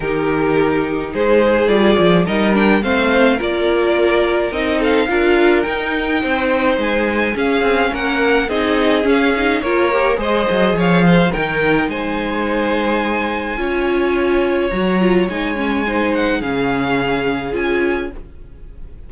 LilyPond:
<<
  \new Staff \with { instrumentName = "violin" } { \time 4/4 \tempo 4 = 106 ais'2 c''4 d''4 | dis''8 g''8 f''4 d''2 | dis''8 f''4. g''2 | gis''4 f''4 fis''4 dis''4 |
f''4 cis''4 dis''4 f''4 | g''4 gis''2.~ | gis''2 ais''4 gis''4~ | gis''8 fis''8 f''2 gis''4 | }
  \new Staff \with { instrumentName = "violin" } { \time 4/4 g'2 gis'2 | ais'4 c''4 ais'2~ | ais'8 a'8 ais'2 c''4~ | c''4 gis'4 ais'4 gis'4~ |
gis'4 ais'4 c''4 cis''8 c''8 | ais'4 c''2. | cis''1 | c''4 gis'2. | }
  \new Staff \with { instrumentName = "viola" } { \time 4/4 dis'2. f'4 | dis'8 d'8 c'4 f'2 | dis'4 f'4 dis'2~ | dis'4 cis'2 dis'4 |
cis'8 dis'8 f'8 g'8 gis'2 | dis'1 | f'2 fis'8 f'8 dis'8 cis'8 | dis'4 cis'2 f'4 | }
  \new Staff \with { instrumentName = "cello" } { \time 4/4 dis2 gis4 g8 f8 | g4 a4 ais2 | c'4 d'4 dis'4 c'4 | gis4 cis'8 c'8 ais4 c'4 |
cis'4 ais4 gis8 fis8 f4 | dis4 gis2. | cis'2 fis4 gis4~ | gis4 cis2 cis'4 | }
>>